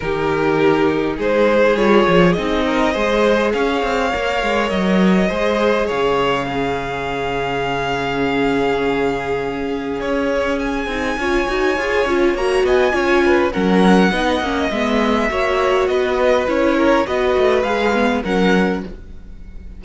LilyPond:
<<
  \new Staff \with { instrumentName = "violin" } { \time 4/4 \tempo 4 = 102 ais'2 c''4 cis''4 | dis''2 f''2 | dis''2 f''2~ | f''1~ |
f''4 cis''4 gis''2~ | gis''4 ais''8 gis''4. fis''4~ | fis''4 e''2 dis''4 | cis''4 dis''4 f''4 fis''4 | }
  \new Staff \with { instrumentName = "violin" } { \time 4/4 g'2 gis'2~ | gis'8 ais'8 c''4 cis''2~ | cis''4 c''4 cis''4 gis'4~ | gis'1~ |
gis'2. cis''4~ | cis''4. dis''8 cis''8 b'8 ais'4 | dis''2 cis''4 b'4~ | b'8 ais'8 b'2 ais'4 | }
  \new Staff \with { instrumentName = "viola" } { \time 4/4 dis'2. f'4 | dis'4 gis'2 ais'4~ | ais'4 gis'2 cis'4~ | cis'1~ |
cis'2~ cis'8 dis'8 f'8 fis'8 | gis'8 f'8 fis'4 f'4 cis'4 | dis'8 cis'8 b4 fis'2 | e'4 fis'4 gis'8 b8 cis'4 | }
  \new Staff \with { instrumentName = "cello" } { \time 4/4 dis2 gis4 g8 f8 | c'4 gis4 cis'8 c'8 ais8 gis8 | fis4 gis4 cis2~ | cis1~ |
cis4 cis'4. c'8 cis'8 dis'8 | f'8 cis'8 ais8 b8 cis'4 fis4 | b8 ais8 gis4 ais4 b4 | cis'4 b8 a8 gis4 fis4 | }
>>